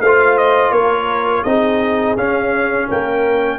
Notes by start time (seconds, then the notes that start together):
0.00 A3 F4 C5 F5
0.37 D#5
0.71 A#3 A#4 C#5
1.43 C4 D#4 G#4 D#5
2.17 C#4 F5
2.88 A#3 A#4 G5